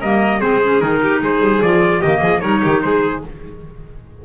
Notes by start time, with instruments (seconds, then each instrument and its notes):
0.00 double bass G3, clarinet A#3, violin A#4, trumpet D#5
0.40 double bass G#3, clarinet C4, violin G#4, trumpet C5
0.64 clarinet C#4
0.81 double bass D#3, clarinet D#4, trumpet A#4
1.03 violin G4
1.21 double bass G#3, violin G#4, trumpet C5
1.40 double bass G3
1.62 double bass F3, clarinet F4, trumpet D5
2.00 double bass D#3, clarinet A#3, violin G4, trumpet D#5
2.21 double bass F3, violin G#4
2.41 double bass G3, clarinet D#4, violin A#4, trumpet C#5
2.63 double bass D#3, violin G4
2.82 double bass G#3, violin G#4, trumpet C5